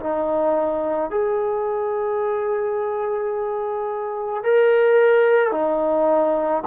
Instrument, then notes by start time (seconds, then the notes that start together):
trombone
0.00 D#4
1.10 G#4
4.43 A#4
5.52 D#4